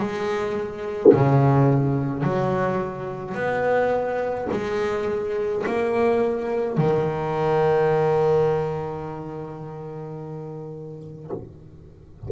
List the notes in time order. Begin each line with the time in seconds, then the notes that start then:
0.00 G#3
1.14 C#3
2.23 F#3
3.35 B3
4.52 G#3
5.67 A#3
6.78 D#3